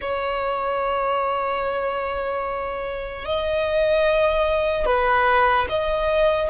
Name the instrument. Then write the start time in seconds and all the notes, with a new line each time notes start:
violin
0.01 C#5
3.25 D#5
4.85 B4
5.69 D#5